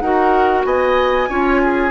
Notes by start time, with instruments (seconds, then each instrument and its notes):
0.00 bassoon D#4, clarinet F#4, oboe A#4, flute F#5
0.65 bassoon B3, oboe D#5, flute G#5
1.29 bassoon C#4, clarinet F4, oboe C#5
1.63 oboe G#4